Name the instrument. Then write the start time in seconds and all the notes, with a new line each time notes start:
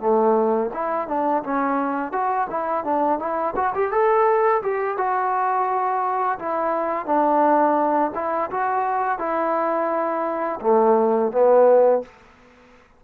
trombone
0.00 A3
0.74 E4
1.08 D4
1.44 C#4
2.12 F#4
2.50 E4
2.85 D4
3.19 E4
3.56 F#4
3.75 G4
3.92 A4
4.62 G4
4.98 F#4
6.39 E4
7.06 D4
8.15 E4
8.51 F#4
9.19 E4
10.61 A3
11.32 B3